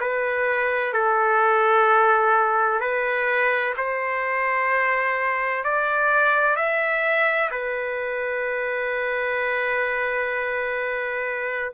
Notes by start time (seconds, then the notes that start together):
0.00 B4
0.93 A4
2.80 B4
3.77 C5
5.64 D5
6.56 E5
7.51 B4